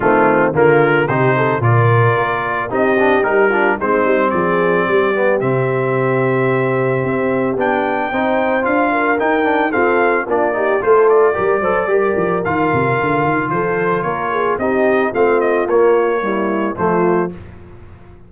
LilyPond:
<<
  \new Staff \with { instrumentName = "trumpet" } { \time 4/4 \tempo 4 = 111 f'4 ais'4 c''4 d''4~ | d''4 dis''4 ais'4 c''4 | d''2 e''2~ | e''2 g''2 |
f''4 g''4 f''4 d''4 | c''8 d''2~ d''8 f''4~ | f''4 c''4 cis''4 dis''4 | f''8 dis''8 cis''2 c''4 | }
  \new Staff \with { instrumentName = "horn" } { \time 4/4 c'4 f'4 g'8 a'8 ais'4~ | ais'4 g'4. f'8 dis'4 | gis'4 g'2.~ | g'2. c''4~ |
c''8 ais'4. a'4 f'8 g'8 | a'4 ais'8 c''8 ais'2~ | ais'4 a'4 ais'8 gis'8 g'4 | f'2 e'4 f'4 | }
  \new Staff \with { instrumentName = "trombone" } { \time 4/4 a4 ais4 dis'4 f'4~ | f'4 dis'8 d'8 dis'8 d'8 c'4~ | c'4. b8 c'2~ | c'2 d'4 dis'4 |
f'4 dis'8 d'8 c'4 d'8 dis'8 | f'4 g'8 a'8 g'4 f'4~ | f'2. dis'4 | c'4 ais4 g4 a4 | }
  \new Staff \with { instrumentName = "tuba" } { \time 4/4 dis4 d4 c4 ais,4 | ais4 c'4 g4 gis8 g8 | f4 g4 c2~ | c4 c'4 b4 c'4 |
d'4 dis'4 f'4 ais4 | a4 g8 fis8 g8 f8 dis8 c8 | d8 dis8 f4 ais4 c'4 | a4 ais2 f4 | }
>>